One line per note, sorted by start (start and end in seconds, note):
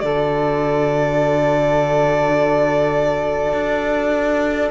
0.00 3.53 D3
0.00 4.72 F#4
0.00 4.72 A4
0.00 4.71 D5
3.53 4.71 D4